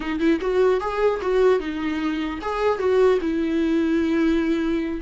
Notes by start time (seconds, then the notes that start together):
0.00 D#4
0.19 E4
0.41 F#4
0.80 G#4
1.21 F#4
1.59 D#4
2.41 G#4
2.79 F#4
3.21 E4